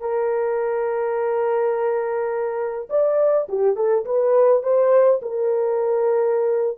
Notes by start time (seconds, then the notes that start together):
0.00 A#4
2.90 D5
3.49 G4
3.76 A4
4.05 B4
4.63 C5
5.22 A#4